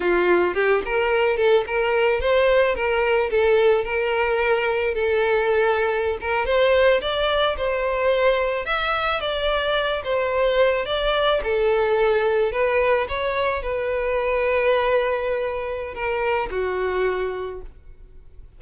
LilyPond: \new Staff \with { instrumentName = "violin" } { \time 4/4 \tempo 4 = 109 f'4 g'8 ais'4 a'8 ais'4 | c''4 ais'4 a'4 ais'4~ | ais'4 a'2~ a'16 ais'8 c''16~ | c''8. d''4 c''2 e''16~ |
e''8. d''4. c''4. d''16~ | d''8. a'2 b'4 cis''16~ | cis''8. b'2.~ b'16~ | b'4 ais'4 fis'2 | }